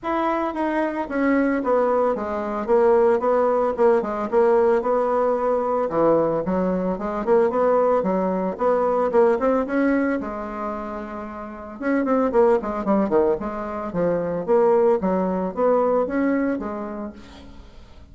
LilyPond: \new Staff \with { instrumentName = "bassoon" } { \time 4/4 \tempo 4 = 112 e'4 dis'4 cis'4 b4 | gis4 ais4 b4 ais8 gis8 | ais4 b2 e4 | fis4 gis8 ais8 b4 fis4 |
b4 ais8 c'8 cis'4 gis4~ | gis2 cis'8 c'8 ais8 gis8 | g8 dis8 gis4 f4 ais4 | fis4 b4 cis'4 gis4 | }